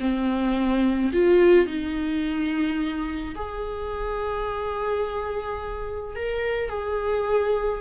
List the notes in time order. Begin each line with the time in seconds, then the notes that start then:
0.00 C4
1.13 F4
1.67 D#4
3.36 G#4
6.16 A#4
6.70 G#4